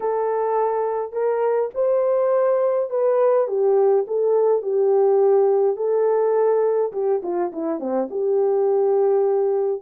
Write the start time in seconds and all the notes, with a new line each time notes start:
0.00 A4
1.12 A#4
1.74 C5
2.90 B4
3.47 G4
4.07 A4
4.62 G4
5.76 A4
6.92 G4
7.22 F4
7.52 E4
7.79 C4
8.10 G4